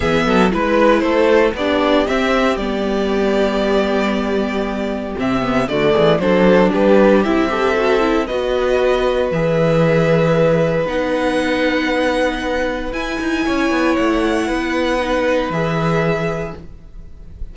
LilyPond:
<<
  \new Staff \with { instrumentName = "violin" } { \time 4/4 \tempo 4 = 116 e''4 b'4 c''4 d''4 | e''4 d''2.~ | d''2 e''4 d''4 | c''4 b'4 e''2 |
dis''2 e''2~ | e''4 fis''2.~ | fis''4 gis''2 fis''4~ | fis''2 e''2 | }
  \new Staff \with { instrumentName = "violin" } { \time 4/4 gis'8 a'8 b'4 a'4 g'4~ | g'1~ | g'2. fis'8 gis'8 | a'4 g'4. a'4. |
b'1~ | b'1~ | b'2 cis''2 | b'1 | }
  \new Staff \with { instrumentName = "viola" } { \time 4/4 b4 e'2 d'4 | c'4 b2.~ | b2 c'8 b8 a4 | d'2 e'8 g'8 fis'8 e'8 |
fis'2 gis'2~ | gis'4 dis'2.~ | dis'4 e'2.~ | e'4 dis'4 gis'2 | }
  \new Staff \with { instrumentName = "cello" } { \time 4/4 e8 fis8 gis4 a4 b4 | c'4 g2.~ | g2 c4 d8 e8 | fis4 g4 c'2 |
b2 e2~ | e4 b2.~ | b4 e'8 dis'8 cis'8 b8 a4 | b2 e2 | }
>>